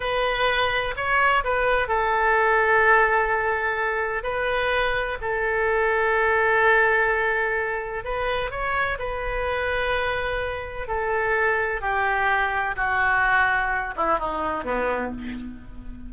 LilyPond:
\new Staff \with { instrumentName = "oboe" } { \time 4/4 \tempo 4 = 127 b'2 cis''4 b'4 | a'1~ | a'4 b'2 a'4~ | a'1~ |
a'4 b'4 cis''4 b'4~ | b'2. a'4~ | a'4 g'2 fis'4~ | fis'4. e'8 dis'4 b4 | }